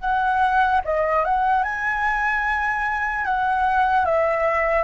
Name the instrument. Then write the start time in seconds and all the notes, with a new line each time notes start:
flute
0.00 F#5
0.85 D#5
1.24 F#5
1.63 G#5
3.25 F#5
4.05 E5